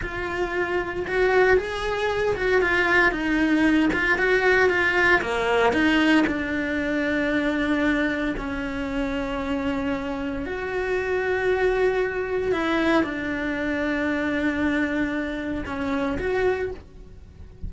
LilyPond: \new Staff \with { instrumentName = "cello" } { \time 4/4 \tempo 4 = 115 f'2 fis'4 gis'4~ | gis'8 fis'8 f'4 dis'4. f'8 | fis'4 f'4 ais4 dis'4 | d'1 |
cis'1 | fis'1 | e'4 d'2.~ | d'2 cis'4 fis'4 | }